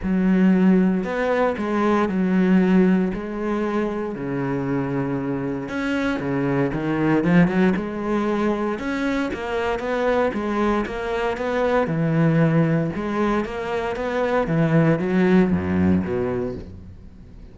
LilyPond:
\new Staff \with { instrumentName = "cello" } { \time 4/4 \tempo 4 = 116 fis2 b4 gis4 | fis2 gis2 | cis2. cis'4 | cis4 dis4 f8 fis8 gis4~ |
gis4 cis'4 ais4 b4 | gis4 ais4 b4 e4~ | e4 gis4 ais4 b4 | e4 fis4 fis,4 b,4 | }